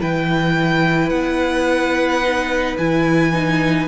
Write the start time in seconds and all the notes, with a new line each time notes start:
0.00 E3 E4 B4 G5
1.09 B3 F#5
2.22 D#4
2.77 E3 E4 G#5
3.33 D#4